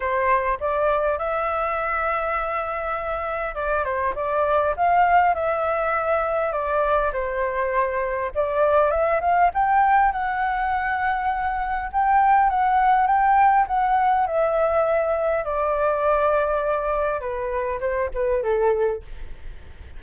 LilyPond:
\new Staff \with { instrumentName = "flute" } { \time 4/4 \tempo 4 = 101 c''4 d''4 e''2~ | e''2 d''8 c''8 d''4 | f''4 e''2 d''4 | c''2 d''4 e''8 f''8 |
g''4 fis''2. | g''4 fis''4 g''4 fis''4 | e''2 d''2~ | d''4 b'4 c''8 b'8 a'4 | }